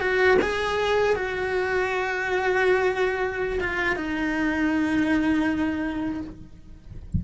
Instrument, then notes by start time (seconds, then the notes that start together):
cello
0.00 F#4
0.42 G#4
1.16 F#4
3.60 F4
3.95 D#4